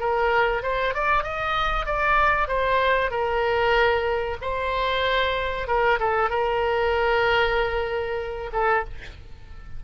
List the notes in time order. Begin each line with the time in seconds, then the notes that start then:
0.00 A#4
0.63 C5
0.95 D5
1.23 D#5
1.86 D5
2.48 C5
3.11 A#4
4.42 C5
5.68 A#4
6.00 A4
6.30 A#4
8.53 A4